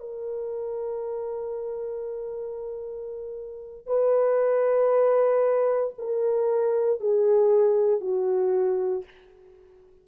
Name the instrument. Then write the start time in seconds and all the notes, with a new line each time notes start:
horn
0.00 A#4
3.87 B4
5.99 A#4
7.01 G#4
8.01 F#4